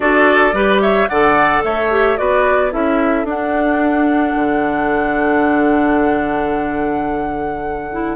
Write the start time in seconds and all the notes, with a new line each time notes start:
0.00 D4 F#4 A4 D5
0.52 G3 G4 B4
0.81 C#5 E5
1.08 D3 A4 D5 F#5
1.63 A3 C#5 E5
1.90 G4
2.17 B3 F#4 B4 D5
2.70 C#4 E4 A4 E5
3.24 D4 F#5
4.35 D3
7.92 E4